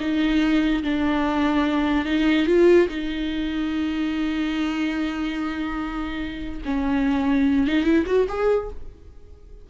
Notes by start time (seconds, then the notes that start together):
0.00 D#4
0.83 D4
2.05 D#4
2.47 F4
2.88 D#4
6.65 C#4
7.67 D#4
7.84 E4
8.07 F#4
8.28 G#4